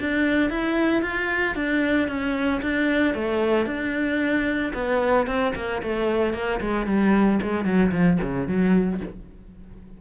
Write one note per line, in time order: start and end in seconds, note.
0.00 0.50 D4
0.50 1.02 E4
1.02 1.55 F4
1.55 2.08 D4
2.08 2.61 C#4
2.62 3.14 D4
3.14 3.66 A3
3.66 4.72 D4
4.74 5.26 B3
5.26 5.53 C4
5.55 5.82 A#3
5.82 6.33 A3
6.33 6.60 A#3
6.60 6.86 G#3
6.86 7.39 G3
7.42 7.65 G#3
7.65 7.91 F#3
7.92 8.18 F3
8.22 8.47 C#3
8.47 9.00 F#3